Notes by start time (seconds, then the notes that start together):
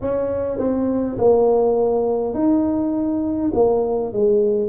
0.01 C#4
0.58 C4
1.18 A#3
2.34 D#4
3.53 A#3
4.12 G#3